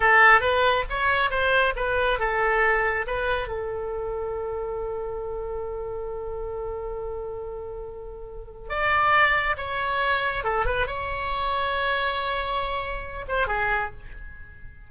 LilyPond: \new Staff \with { instrumentName = "oboe" } { \time 4/4 \tempo 4 = 138 a'4 b'4 cis''4 c''4 | b'4 a'2 b'4 | a'1~ | a'1~ |
a'1 | d''2 cis''2 | a'8 b'8 cis''2.~ | cis''2~ cis''8 c''8 gis'4 | }